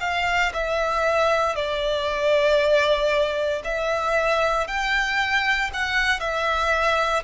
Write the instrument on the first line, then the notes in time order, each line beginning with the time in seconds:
violin
0.00 F5
0.53 E5
1.55 D5
3.63 E5
4.67 G5
5.73 F#5
6.19 E5